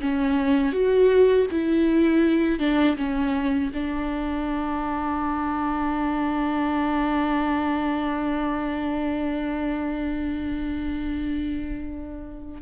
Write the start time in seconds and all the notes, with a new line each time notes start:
0.00 C#4
0.72 F#4
1.51 E4
2.59 D4
2.97 C#4
3.73 D4